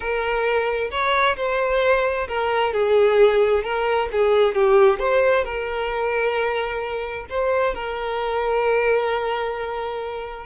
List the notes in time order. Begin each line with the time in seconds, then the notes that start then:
0.00 A#4
0.90 C#5
1.36 C5
2.27 A#4
2.73 G#4
3.63 A#4
4.12 G#4
4.54 G4
4.99 C5
5.44 A#4
7.29 C5
7.74 A#4